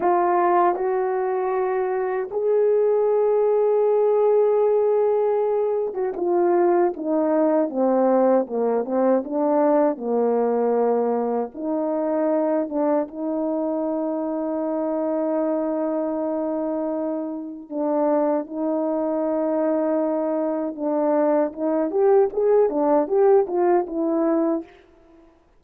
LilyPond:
\new Staff \with { instrumentName = "horn" } { \time 4/4 \tempo 4 = 78 f'4 fis'2 gis'4~ | gis'2.~ gis'8. fis'16 | f'4 dis'4 c'4 ais8 c'8 | d'4 ais2 dis'4~ |
dis'8 d'8 dis'2.~ | dis'2. d'4 | dis'2. d'4 | dis'8 g'8 gis'8 d'8 g'8 f'8 e'4 | }